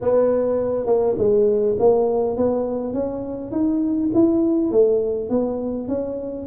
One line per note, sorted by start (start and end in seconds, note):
0.01 0.86 B3
0.86 1.16 A#3
1.18 1.76 G#3
1.79 2.37 A#3
2.37 2.93 B3
2.93 3.51 C#4
3.51 4.10 D#4
4.14 4.71 E4
4.71 5.29 A3
5.29 5.88 B3
5.88 6.47 C#4